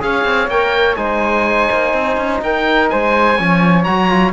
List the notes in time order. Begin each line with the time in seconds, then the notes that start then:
0.00 C#4 G#4 C#5 F5
0.24 C4
0.47 A#3 A#4 G5
0.96 G#3 D#4 C5 G#5
1.71 A#3
1.93 C4
2.17 C#4
2.41 D#4 A#4 G5
2.89 G#3 C5 G#5
3.37 F3 C#4 C#5
3.83 F#3 F#4 A#5
4.09 F4